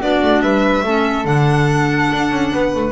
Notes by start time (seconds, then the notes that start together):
0.00 B3 D4 F#4 D5
0.22 A3
0.41 G3 B4 E5
0.83 A3 C#4 A4
1.25 D3 D4 F#5
2.12 D4
2.31 C#4
2.53 B3 B4
2.75 A3